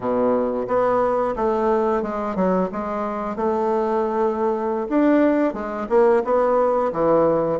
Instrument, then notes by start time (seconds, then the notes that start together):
bassoon
0.00 B2
0.67 B3
1.36 A3
2.02 G#3
2.35 F#3
2.72 G#3
3.36 A3
4.89 D4
5.53 G#3
5.89 A#3
6.24 B3
6.92 E3